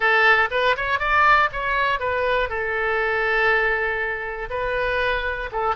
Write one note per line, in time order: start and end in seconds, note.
0.00 0.49 A4
0.50 0.75 B4
0.76 0.99 C#5
0.99 1.49 D5
1.52 1.99 C#5
1.99 2.49 B4
2.49 4.49 A4
4.50 5.50 B4
5.51 5.75 A4